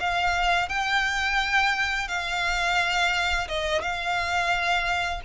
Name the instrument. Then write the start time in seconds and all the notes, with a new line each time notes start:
violin
0.00 F5
0.69 G5
2.08 F5
3.48 D#5
3.82 F5